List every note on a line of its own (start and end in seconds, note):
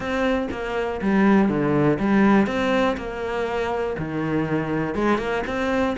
0.00 0.47 C4
0.51 1.00 A#3
1.01 1.49 G3
1.49 1.98 D3
1.99 2.47 G3
2.47 2.96 C4
2.97 3.96 A#3
3.98 4.94 D#3
4.94 5.18 G#3
5.18 5.43 A#3
5.47 5.96 C4